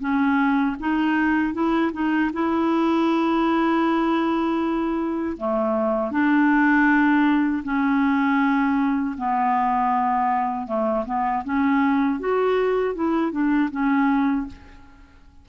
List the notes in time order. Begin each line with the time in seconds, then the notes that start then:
0.00 C#4
0.80 D#4
1.54 E4
1.93 D#4
2.33 E4
5.37 A3
6.11 D4
7.64 C#4
9.18 B3
10.67 A3
11.06 B3
11.45 C#4
12.19 F#4
12.95 E4
13.32 D4
13.71 C#4